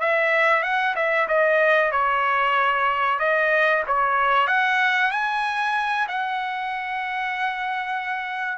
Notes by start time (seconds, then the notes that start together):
0.00 E5
0.63 F#5
0.95 E5
1.28 D#5
1.91 C#5
3.19 D#5
3.87 C#5
4.47 F#5
5.12 G#5
6.08 F#5